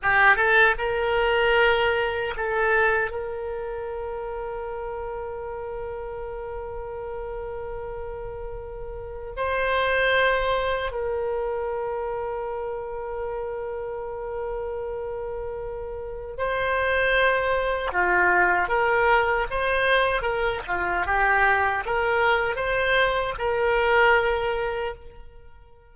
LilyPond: \new Staff \with { instrumentName = "oboe" } { \time 4/4 \tempo 4 = 77 g'8 a'8 ais'2 a'4 | ais'1~ | ais'1 | c''2 ais'2~ |
ais'1~ | ais'4 c''2 f'4 | ais'4 c''4 ais'8 f'8 g'4 | ais'4 c''4 ais'2 | }